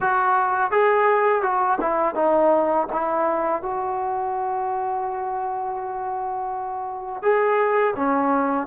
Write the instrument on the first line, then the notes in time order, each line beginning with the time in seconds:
trombone
0.00 F#4
0.71 G#4
1.42 F#4
1.80 E4
2.15 D#4
2.92 E4
3.61 F#4
7.22 G#4
7.96 C#4